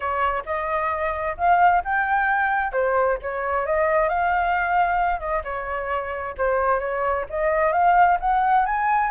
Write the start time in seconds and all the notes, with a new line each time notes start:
0.00 C#5
0.45 D#5
1.37 F5
1.84 G5
2.72 C5
3.21 C#5
3.65 D#5
4.08 F5
5.19 D#5
5.43 C#5
6.37 C5
6.79 C#5
7.29 D#5
7.72 F5
8.20 F#5
8.65 G#5